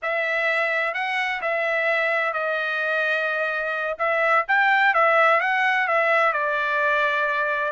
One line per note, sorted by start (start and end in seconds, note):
0.02 0.94 E5
0.94 1.41 F#5
1.41 2.33 E5
2.33 3.97 D#5
3.98 4.45 E5
4.48 4.94 G5
4.94 5.40 E5
5.40 5.87 F#5
5.87 6.32 E5
6.32 7.72 D5